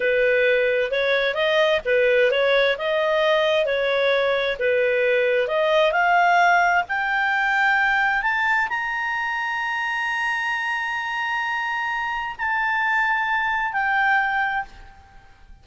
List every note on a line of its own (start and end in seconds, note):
0.00 0.91 B4
0.91 1.34 C#5
1.34 1.80 D#5
1.85 2.31 B4
2.31 2.76 C#5
2.78 3.65 D#5
3.65 4.57 C#5
4.59 5.47 B4
5.47 5.92 D#5
5.92 6.83 F5
6.88 8.22 G5
8.22 8.68 A5
8.69 12.35 A#5
12.38 13.72 A5
13.72 14.64 G5